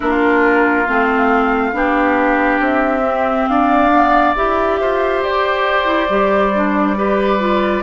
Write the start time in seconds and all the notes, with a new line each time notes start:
0.00 A#3 D4 F4 A#4
0.86 A3 C4 F5
1.72 B3 D4 G4
2.60 C4 E5
3.04 C4
3.47 D4 D5 F5
3.91 B3
4.35 E4 G4 E5
4.80 F4 C5
5.22 G4 D5
5.84 E4
6.09 G3 G4
6.54 D4
6.95 G4 B4
7.39 F4